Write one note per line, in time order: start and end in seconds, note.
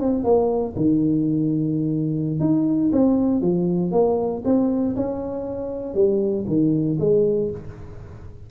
0.00 0.24 C4
0.24 0.75 A#3
0.76 2.40 D#3
2.40 2.91 D#4
2.92 3.41 C4
3.41 3.92 F3
3.92 4.43 A#3
4.45 4.96 C4
4.96 5.94 C#4
5.94 6.45 G3
6.47 6.98 D#3
7.00 7.51 G#3